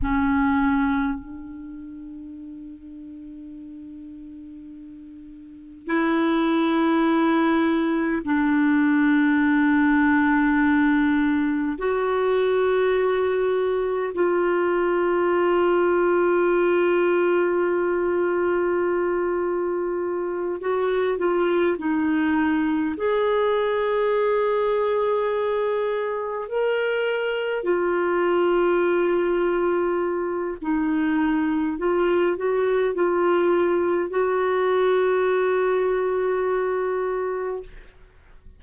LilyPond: \new Staff \with { instrumentName = "clarinet" } { \time 4/4 \tempo 4 = 51 cis'4 d'2.~ | d'4 e'2 d'4~ | d'2 fis'2 | f'1~ |
f'4. fis'8 f'8 dis'4 gis'8~ | gis'2~ gis'8 ais'4 f'8~ | f'2 dis'4 f'8 fis'8 | f'4 fis'2. | }